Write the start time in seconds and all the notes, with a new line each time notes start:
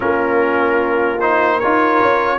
0.00 A#3 C#4 F4 A#4
1.20 D#4 C5
1.56 A#4 C#5
1.63 D#4 F4
2.00 C#4